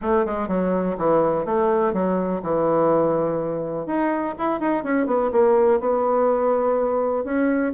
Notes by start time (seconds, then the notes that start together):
0.01 A3
0.25 G#3
0.48 F#3
0.97 E3
1.45 A3
1.93 F#3
2.42 E3
3.86 D#4
4.38 E4
4.60 D#4
4.83 C#4
5.06 B3
5.32 A#3
5.80 B3
7.24 C#4